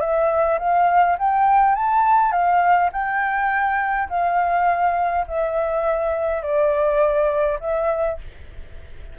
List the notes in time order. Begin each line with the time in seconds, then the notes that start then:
0.00 E5
0.59 F5
1.18 G5
1.75 A5
2.31 F5
2.92 G5
4.09 F5
5.27 E5
6.42 D5
7.60 E5